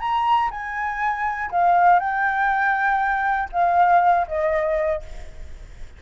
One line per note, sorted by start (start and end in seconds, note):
0.00 0.50 A#5
0.51 1.51 G#5
1.51 2.00 F5
2.00 3.50 G5
3.52 4.27 F5
4.27 5.02 D#5